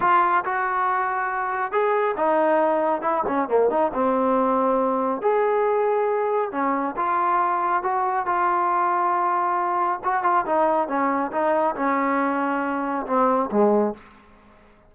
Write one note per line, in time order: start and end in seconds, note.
0.00 0.44 F4
0.44 1.72 F#4
1.72 2.15 G#4
2.16 3.01 D#4
3.01 3.23 E4
3.27 3.48 C#4
3.48 3.70 A#3
3.70 3.91 D#4
3.93 5.21 C4
5.21 6.51 G#4
6.51 6.95 C#4
6.96 7.83 F4
7.83 8.26 F#4
8.26 10.00 F4
10.04 10.23 F#4
10.23 10.45 F4
10.45 10.87 D#4
10.87 11.31 C#4
11.31 11.75 D#4
11.75 13.06 C#4
13.06 13.49 C4
13.51 13.94 G#3